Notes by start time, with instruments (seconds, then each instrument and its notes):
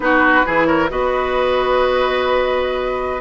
0.00 bassoon B3, clarinet D#4, oboe F#4, flute B4
0.45 bassoon E3, clarinet E4, oboe G#4
0.66 oboe A#4, flute C#5
0.89 bassoon B3, clarinet F#4, oboe B4, flute D#5